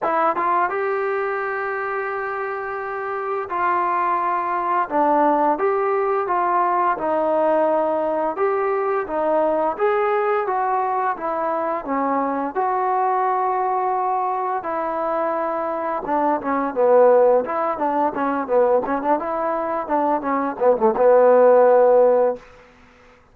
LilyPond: \new Staff \with { instrumentName = "trombone" } { \time 4/4 \tempo 4 = 86 e'8 f'8 g'2.~ | g'4 f'2 d'4 | g'4 f'4 dis'2 | g'4 dis'4 gis'4 fis'4 |
e'4 cis'4 fis'2~ | fis'4 e'2 d'8 cis'8 | b4 e'8 d'8 cis'8 b8 cis'16 d'16 e'8~ | e'8 d'8 cis'8 b16 a16 b2 | }